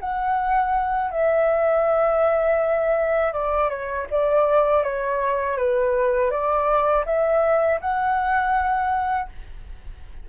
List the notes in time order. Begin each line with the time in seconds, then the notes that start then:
0.00 F#5
1.11 E5
3.33 D5
3.70 C#5
4.11 D5
4.84 C#5
5.57 B4
6.31 D5
7.06 E5
7.81 F#5